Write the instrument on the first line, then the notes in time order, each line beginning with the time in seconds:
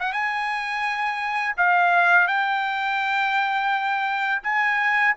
trumpet
0.00 F#5
0.13 G#5
1.57 F5
2.28 G5
4.43 G#5